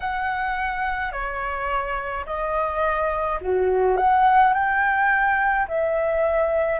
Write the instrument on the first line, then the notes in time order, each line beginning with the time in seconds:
flute
0.00 F#5
1.12 C#5
2.26 D#5
3.40 F#4
3.96 F#5
4.53 G5
5.68 E5